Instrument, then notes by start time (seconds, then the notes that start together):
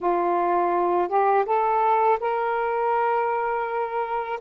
saxophone
0.00 F4
1.08 G4
1.45 A4
2.20 A#4